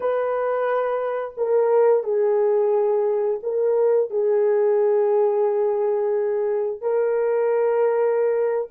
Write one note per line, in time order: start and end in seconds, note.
0.00 1.34 B4
1.37 2.03 A#4
2.03 3.40 G#4
3.42 4.10 A#4
4.10 6.81 G#4
6.81 8.68 A#4